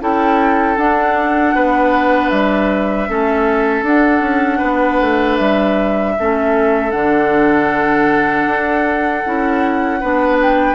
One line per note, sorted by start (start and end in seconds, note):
0.00 0.77 C#4
0.00 0.77 E4
0.00 1.55 A4
0.00 0.78 G5
0.77 1.54 D4
0.77 3.08 D4
0.77 2.30 F#5
1.55 2.31 B3
1.55 3.09 B4
2.30 3.08 G3
2.30 3.84 E5
3.08 3.83 A3
3.08 3.85 C#4
3.08 4.58 A4
3.83 4.20 D4
3.83 6.17 D4
3.83 5.38 F#5
4.20 4.59 C#4
4.58 5.01 B3
4.58 6.12 B4
5.01 5.39 A3
5.38 6.16 G3
5.38 6.91 E5
6.19 6.93 A3
6.19 6.91 C#4
6.19 10.00 A4
6.91 8.46 D3
6.91 9.22 D4
6.91 10.37 F#5
8.46 9.23 D4
9.26 10.03 C#4
9.26 10.01 E4
10.00 10.75 B3
10.00 10.75 D4
10.00 10.75 B4
10.42 10.75 G5